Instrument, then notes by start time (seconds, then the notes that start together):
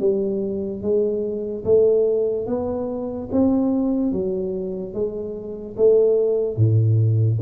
tuba
0.00 G3
0.82 G#3
1.65 A3
2.47 B3
3.32 C4
4.12 F#3
4.94 G#3
5.77 A3
6.57 A2